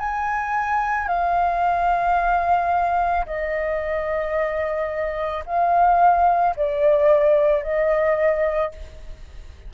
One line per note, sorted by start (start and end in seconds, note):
0.00 1.08 G#5
1.08 3.26 F5
3.26 5.44 D#5
5.46 6.56 F5
6.57 7.63 D5
7.63 8.72 D#5